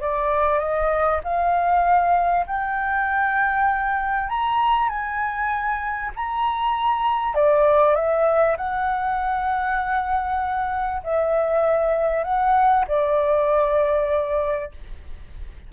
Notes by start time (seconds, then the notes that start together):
0.00 D5
0.59 D#5
1.23 F5
2.46 G5
4.29 A#5
4.89 G#5
6.16 A#5
7.34 D5
7.95 E5
8.57 F#5
11.03 E5
12.23 F#5
12.87 D5